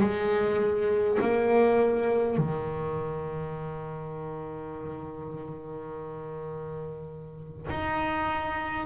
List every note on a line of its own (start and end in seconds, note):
0.00 1.18 G#3
1.21 2.37 A#3
2.37 7.67 D#3
7.69 8.86 D#4